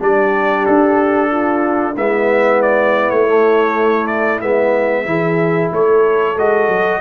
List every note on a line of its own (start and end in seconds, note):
0.00 0.66 G3
0.00 1.96 D4
0.00 1.32 G4
0.00 0.66 D5
0.66 1.97 D4
0.66 1.97 A4
1.32 1.93 F4
1.93 3.11 G#3
1.93 3.28 B3
1.93 5.03 E4
1.93 2.63 E5
2.63 3.10 D5
3.10 4.42 A3
3.10 4.07 C#5
3.28 4.41 A3
4.07 4.40 D5
4.41 5.06 G#3
4.41 5.06 B3
4.41 5.72 E5
5.06 5.71 E3
5.06 6.36 E4
5.06 5.73 G#4
5.73 6.37 A3
5.73 7.01 A4
5.73 6.39 C#5
6.37 6.68 G#3
6.37 7.01 F#4
6.37 7.01 D#5
6.68 7.01 F#3